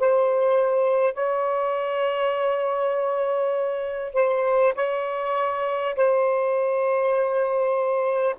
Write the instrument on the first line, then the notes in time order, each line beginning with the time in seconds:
saxophone
0.00 C5
1.14 C#5
4.14 C5
4.76 C#5
5.96 C5